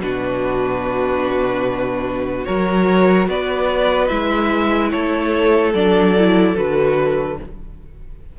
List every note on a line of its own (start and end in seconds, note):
0.00 2.47 B2
0.00 2.46 D4
0.00 2.47 F#4
0.00 2.45 B4
2.45 3.28 F#3
2.45 4.10 F#4
2.45 3.29 A#4
2.45 3.27 C#5
3.28 4.10 B3
3.28 4.92 B4
3.28 4.08 D5
4.08 4.92 G#3
4.08 5.74 E4
4.08 4.90 E5
4.91 5.74 A3
4.91 7.39 A4
4.91 5.73 C#5
5.74 6.56 F#3
5.74 6.17 D4
5.74 6.56 D5
6.18 6.56 E4
6.56 7.39 D3
6.56 7.38 F#4
6.56 7.39 B4